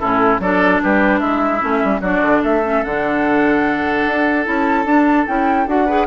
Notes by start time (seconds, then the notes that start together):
0.00 A2 C#4 E4 A4
0.39 F#3 D4 A4 D5
0.83 G3 G4 B4
1.20 G#3 E4 E5
1.60 A3 C#4
1.84 G3
2.01 F#3 D4 F#4 D5
2.22 D3
2.43 A3 A4 E5
2.64 C#4
2.84 D3 D4 F#5
4.06 D4
4.44 C#4 E4 A5
4.85 D4
5.27 C#4 E4 G5
5.67 D4 F#4 F#5
5.86 G#4 B4